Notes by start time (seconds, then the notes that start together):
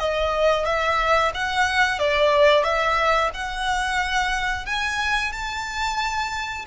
0.00 D#5
0.66 E5
1.35 F#5
1.99 D5
2.64 E5
3.35 F#5
4.66 G#5
5.33 A5